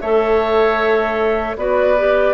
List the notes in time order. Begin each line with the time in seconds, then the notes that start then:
0.00 A3 A4 C#5 E5
1.56 B3 F#4 B4 D5
1.98 G4